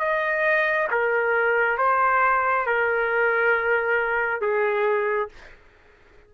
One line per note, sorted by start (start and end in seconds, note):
0.00 0.88 D#5
0.91 1.78 A#4
1.78 2.67 C5
2.67 4.41 A#4
4.41 5.29 G#4